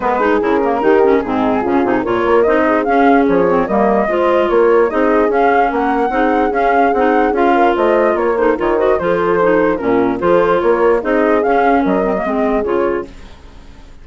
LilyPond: <<
  \new Staff \with { instrumentName = "flute" } { \time 4/4 \tempo 4 = 147 b'4 ais'2 gis'4~ | gis'4 cis''4 dis''4 f''4 | cis''4 dis''2 cis''4 | dis''4 f''4 fis''2 |
f''4 fis''4 f''4 dis''4 | cis''8 c''8 cis''8 dis''8 c''2 | ais'4 c''4 cis''4 dis''4 | f''4 dis''2 cis''4 | }
  \new Staff \with { instrumentName = "horn" } { \time 4/4 ais'8 gis'4. g'4 dis'4 | f'4 ais'4. gis'4.~ | gis'4 ais'4 c''4 ais'4 | gis'2 ais'4 gis'4~ |
gis'2~ gis'8 ais'8 c''4 | ais'8 a'8 ais'8 c''8 a'2 | f'4 a'4 ais'4 gis'4~ | gis'4 ais'4 gis'2 | }
  \new Staff \with { instrumentName = "clarinet" } { \time 4/4 b8 dis'8 e'8 ais8 dis'8 cis'8 c'4 | cis'8 dis'8 f'4 dis'4 cis'4~ | cis'8 c'8 ais4 f'2 | dis'4 cis'2 dis'4 |
cis'4 dis'4 f'2~ | f'8 dis'8 f'8 fis'8 f'4 dis'4 | cis'4 f'2 dis'4 | cis'4. c'16 ais16 c'4 f'4 | }
  \new Staff \with { instrumentName = "bassoon" } { \time 4/4 gis4 cis4 dis4 gis,4 | cis8 c8 ais,8 ais8 c'4 cis'4 | f4 g4 gis4 ais4 | c'4 cis'4 ais4 c'4 |
cis'4 c'4 cis'4 a4 | ais4 dis4 f2 | ais,4 f4 ais4 c'4 | cis'4 fis4 gis4 cis4 | }
>>